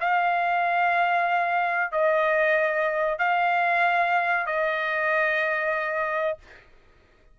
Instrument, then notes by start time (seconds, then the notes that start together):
trumpet
0.00 F5
1.91 D#5
3.18 F5
4.46 D#5